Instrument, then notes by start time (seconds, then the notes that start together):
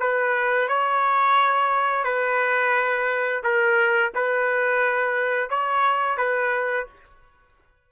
trumpet
0.00 B4
0.68 C#5
2.04 B4
3.44 A#4
4.15 B4
5.50 C#5
6.18 B4